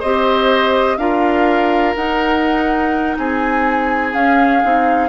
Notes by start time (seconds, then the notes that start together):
0.00 C4 G4 C5 D#5
0.97 D4 F4 A#4 F5
1.96 D#4 F#5
3.18 C4 G#4 G#5
4.14 C#4 F5
4.64 C4 D#4